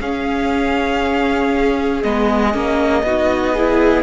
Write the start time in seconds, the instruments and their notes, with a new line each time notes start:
0.00 cello C#4, viola C#4, violin G#4 F5
2.03 cello G#3, viola B3, violin D#5
2.53 cello A#3, viola C#4
3.03 cello B3, viola D#4, violin F#4
3.53 viola E4, violin G#4